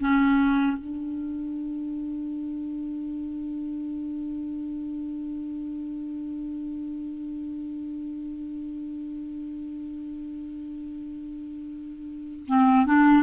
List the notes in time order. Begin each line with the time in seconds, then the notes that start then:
0.00 C#4
0.77 D4
12.47 C4
12.86 D4